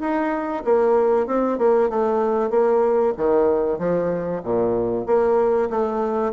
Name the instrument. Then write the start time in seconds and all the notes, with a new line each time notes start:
bassoon
0.00 D#4
0.64 A#3
1.27 C4
1.58 A#3
1.89 A3
2.50 A#3
3.17 D#3
3.79 F3
4.43 A#2
5.06 A#3
5.70 A3